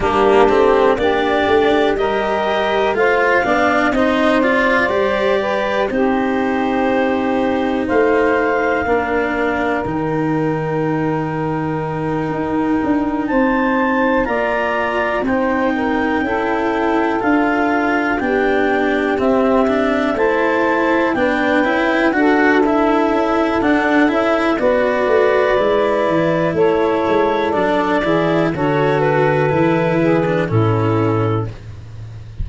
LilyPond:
<<
  \new Staff \with { instrumentName = "clarinet" } { \time 4/4 \tempo 4 = 61 g'4 d''4 dis''4 f''4 | dis''8 d''4. c''2 | f''2 g''2~ | g''4. a''4 ais''4 g''8~ |
g''4. f''4 g''4 e''8~ | e''8 a''4 g''4 fis''8 e''4 | fis''8 e''8 d''2 cis''4 | d''4 cis''8 b'4. a'4 | }
  \new Staff \with { instrumentName = "saxophone" } { \time 4/4 d'4 g'4 ais'4 c''8 d''8 | c''4. b'8 g'2 | c''4 ais'2.~ | ais'4. c''4 d''4 c''8 |
ais'8 a'2 g'4.~ | g'8 c''4 b'4 a'4.~ | a'4 b'2 a'4~ | a'8 gis'8 a'4. gis'8 e'4 | }
  \new Staff \with { instrumentName = "cello" } { \time 4/4 ais8 c'8 d'4 g'4 f'8 d'8 | dis'8 f'8 g'4 dis'2~ | dis'4 d'4 dis'2~ | dis'2~ dis'8 f'4 dis'8~ |
dis'8 e'4 f'4 d'4 c'8 | d'8 e'4 d'8 e'8 fis'8 e'4 | d'8 e'8 fis'4 e'2 | d'8 e'8 fis'4 e'8. d'16 cis'4 | }
  \new Staff \with { instrumentName = "tuba" } { \time 4/4 g8 a8 ais8 a8 g4 a8 b8 | c'4 g4 c'2 | a4 ais4 dis2~ | dis8 dis'8 d'8 c'4 ais4 c'8~ |
c'8 cis'4 d'4 b4 c'8~ | c'8 a4 b8 cis'8 d'4 cis'8 | d'8 cis'8 b8 a8 gis8 e8 a8 gis8 | fis8 e8 d4 e4 a,4 | }
>>